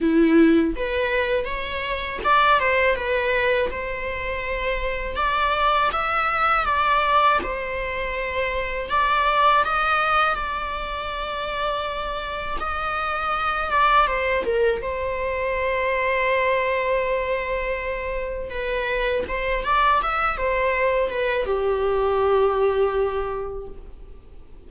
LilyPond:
\new Staff \with { instrumentName = "viola" } { \time 4/4 \tempo 4 = 81 e'4 b'4 cis''4 d''8 c''8 | b'4 c''2 d''4 | e''4 d''4 c''2 | d''4 dis''4 d''2~ |
d''4 dis''4. d''8 c''8 ais'8 | c''1~ | c''4 b'4 c''8 d''8 e''8 c''8~ | c''8 b'8 g'2. | }